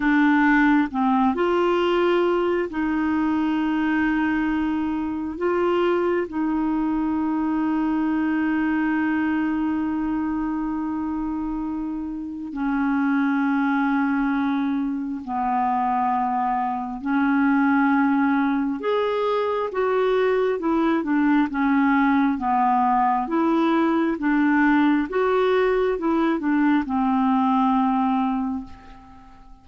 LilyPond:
\new Staff \with { instrumentName = "clarinet" } { \time 4/4 \tempo 4 = 67 d'4 c'8 f'4. dis'4~ | dis'2 f'4 dis'4~ | dis'1~ | dis'2 cis'2~ |
cis'4 b2 cis'4~ | cis'4 gis'4 fis'4 e'8 d'8 | cis'4 b4 e'4 d'4 | fis'4 e'8 d'8 c'2 | }